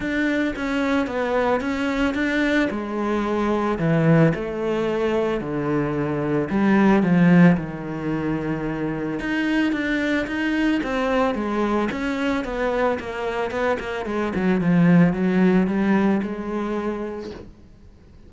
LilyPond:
\new Staff \with { instrumentName = "cello" } { \time 4/4 \tempo 4 = 111 d'4 cis'4 b4 cis'4 | d'4 gis2 e4 | a2 d2 | g4 f4 dis2~ |
dis4 dis'4 d'4 dis'4 | c'4 gis4 cis'4 b4 | ais4 b8 ais8 gis8 fis8 f4 | fis4 g4 gis2 | }